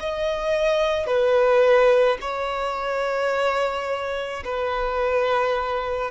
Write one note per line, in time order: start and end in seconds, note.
0.00 1.07 D#5
1.07 2.18 B4
2.21 4.43 C#5
4.45 6.11 B4